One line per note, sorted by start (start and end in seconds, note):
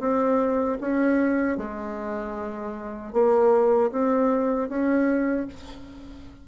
0.00 0.78 C4
0.81 1.58 C#4
1.58 3.13 G#3
3.13 3.91 A#3
3.92 4.69 C4
4.69 5.47 C#4